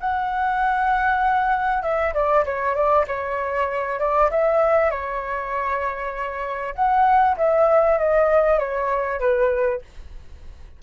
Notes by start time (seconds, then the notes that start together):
0.00 F#5
1.83 E5
2.14 D5
2.45 C#5
2.75 D5
3.07 C#5
3.99 D5
4.31 E5
4.91 C#5
6.75 F#5
7.37 E5
7.98 D#5
8.59 C#5
9.20 B4